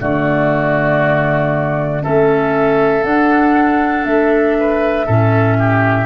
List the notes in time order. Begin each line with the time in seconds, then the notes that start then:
0.00 D3 A3 F#4 D5
2.02 A3 C#4 A4 E5
3.03 D4 F#5
4.04 A3 E5
4.60 B4
5.06 A2 C#4 A4
5.58 G4